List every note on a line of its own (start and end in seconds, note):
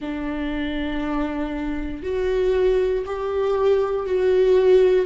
0.00 2.02 D4
2.02 3.04 F#4
3.05 4.06 G4
4.06 5.06 F#4